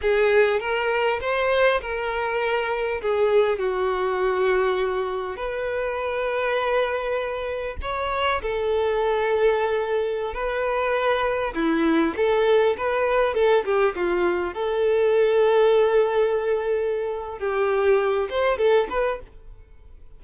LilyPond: \new Staff \with { instrumentName = "violin" } { \time 4/4 \tempo 4 = 100 gis'4 ais'4 c''4 ais'4~ | ais'4 gis'4 fis'2~ | fis'4 b'2.~ | b'4 cis''4 a'2~ |
a'4~ a'16 b'2 e'8.~ | e'16 a'4 b'4 a'8 g'8 f'8.~ | f'16 a'2.~ a'8.~ | a'4 g'4. c''8 a'8 b'8 | }